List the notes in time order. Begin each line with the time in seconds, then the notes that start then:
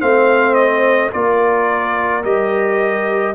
0.00 A3 C4 C5 F5
0.54 D#5
1.11 A#3 F4 A#4 D5
2.23 G3 G4 D#5